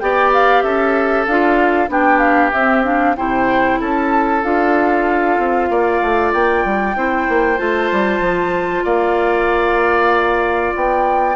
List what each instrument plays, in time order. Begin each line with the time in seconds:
0.00 bassoon B3, clarinet G4, oboe D5, flute G5
0.34 flute F5
0.63 bassoon C#4, oboe A4, flute E5
1.27 bassoon D4, clarinet F4, flute F5
1.89 bassoon B3, clarinet D4, oboe G4, flute G5
2.19 flute F5
2.52 bassoon C4, clarinet C4, flute E5
2.84 clarinet D4, flute F5
3.17 bassoon C3, clarinet E4, oboe C5, flute G5
3.81 bassoon C#4, oboe A4, flute A5
4.43 bassoon D4, clarinet F4, flute F5
5.39 bassoon C4
5.70 bassoon A#3, oboe D5
6.02 bassoon A3
6.34 bassoon A#3, flute G5
6.65 bassoon G3
6.96 bassoon C4, clarinet E4, oboe C5
7.29 bassoon A#3
7.57 bassoon A3, clarinet F4, flute A5
7.92 bassoon G3
8.20 bassoon F3
8.85 bassoon A#3, oboe D5, flute F5
10.76 bassoon B3, flute G5